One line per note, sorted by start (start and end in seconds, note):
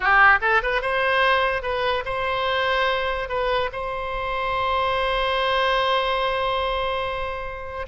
0.00 0.39 G4
0.41 0.62 A4
0.62 0.81 B4
0.81 1.62 C5
1.62 2.04 B4
2.05 3.28 C5
3.28 3.70 B4
3.72 7.86 C5